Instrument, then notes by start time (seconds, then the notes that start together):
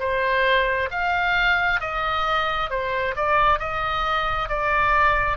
oboe
0.00 C5
0.91 F5
1.81 D#5
2.70 C5
3.16 D5
3.60 D#5
4.49 D5